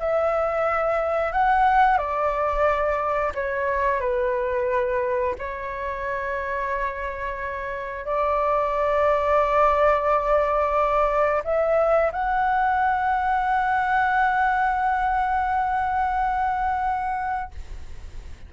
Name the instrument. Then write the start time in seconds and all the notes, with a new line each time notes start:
flute
0.00 E5
1.32 F#5
1.98 D5
3.35 C#5
4.01 B4
5.39 C#5
8.06 D5
11.44 E5
12.12 F#5